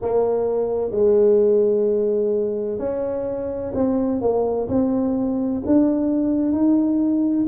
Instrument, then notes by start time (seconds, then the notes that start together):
tuba
0.01 A#3
0.91 G#3
2.79 C#4
3.74 C4
4.21 A#3
4.68 C4
5.65 D4
6.52 D#4